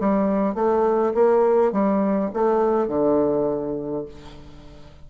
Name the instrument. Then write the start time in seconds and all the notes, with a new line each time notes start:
bassoon
0.00 G3
0.55 A3
1.14 A#3
1.73 G3
2.34 A3
2.88 D3